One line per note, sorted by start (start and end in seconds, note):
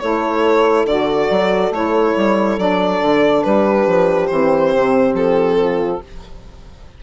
0.00 0.85 A3
0.00 0.87 E4
0.00 3.44 A4
0.00 0.86 C#5
0.85 1.28 D3
0.85 1.72 F#4
0.85 1.72 D5
1.30 1.70 F#3
1.70 2.13 A3
1.70 2.57 E4
1.70 2.59 C#5
2.17 2.58 G3
2.57 3.01 F#3
2.57 4.29 D4
2.57 3.43 D5
3.01 3.44 D3
3.43 3.87 G3
3.43 5.59 G4
3.43 4.27 B4
3.87 4.30 F3
4.27 4.73 E3
4.27 6.01 C4
4.27 5.12 C5
4.75 5.14 C3
5.14 5.99 F3
5.14 6.02 A4
5.60 6.03 F4